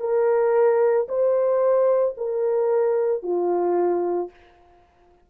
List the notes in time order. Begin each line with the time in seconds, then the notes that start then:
0.00 A#4
1.08 C5
2.17 A#4
3.23 F4